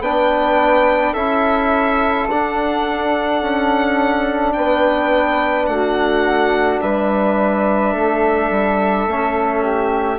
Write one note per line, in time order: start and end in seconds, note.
0.00 1.13 B3
0.00 1.16 D4
0.00 1.13 B4
0.00 1.13 G5
1.13 2.28 C#4
1.13 2.29 E4
1.13 4.53 A4
1.13 2.27 E5
2.30 3.42 D4
2.30 9.10 D4
2.30 4.53 F#5
3.42 4.55 C#4
4.53 5.68 B3
4.53 5.69 B4
4.53 5.66 G5
5.67 6.81 A3
5.67 6.82 F#4
5.67 6.80 F#5
6.81 7.94 G3
6.81 7.93 B4
6.81 10.19 E5
7.93 8.51 A3
7.93 9.63 A4
8.51 9.07 G3
9.07 10.19 A3
9.07 10.19 C#4
9.63 10.19 G4